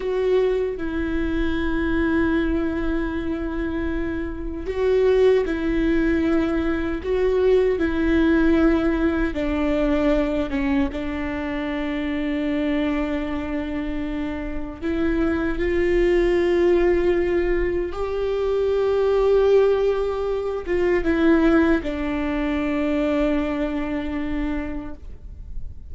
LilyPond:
\new Staff \with { instrumentName = "viola" } { \time 4/4 \tempo 4 = 77 fis'4 e'2.~ | e'2 fis'4 e'4~ | e'4 fis'4 e'2 | d'4. cis'8 d'2~ |
d'2. e'4 | f'2. g'4~ | g'2~ g'8 f'8 e'4 | d'1 | }